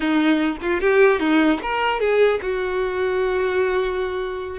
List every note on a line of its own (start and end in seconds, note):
0.00 0.57 D#4
0.61 0.80 F4
0.80 1.19 G4
1.19 1.59 D#4
1.62 1.99 A#4
1.99 2.39 G#4
2.41 4.59 F#4